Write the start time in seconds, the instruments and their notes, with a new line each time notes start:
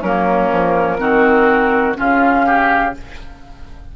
0.00 bassoon F#3, clarinet A#3, oboe C#4, flute A#4
0.51 bassoon F3
0.99 bassoon D#3, clarinet C4, oboe F#4
1.95 bassoon C#3, clarinet C#4, oboe F4, flute F5
2.46 oboe G4